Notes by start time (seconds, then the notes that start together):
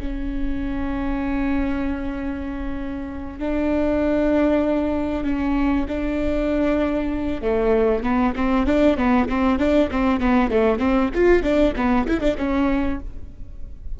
0.00 C#4
3.39 D4
5.25 C#4
5.88 D4
7.42 A3
8.03 B3
8.36 C4
8.67 D4
8.98 B3
9.29 C4
9.59 D4
9.91 C4
10.20 B3
10.51 A3
10.79 C4
11.15 F4
11.43 D4
11.76 B3
12.08 E4
12.21 D4
12.38 C#4